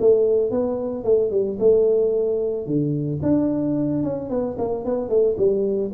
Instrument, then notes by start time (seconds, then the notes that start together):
tuba
0.00 A3
0.51 B3
1.04 A3
1.31 G3
1.59 A3
2.67 D3
3.23 D4
4.03 C#4
4.30 B3
4.59 A#3
4.85 B3
5.09 A3
5.38 G3